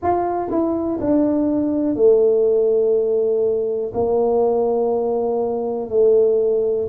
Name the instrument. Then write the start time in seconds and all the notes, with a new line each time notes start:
tuba
0.02 F4
0.50 E4
1.00 D4
1.95 A3
3.93 A#3
5.89 A3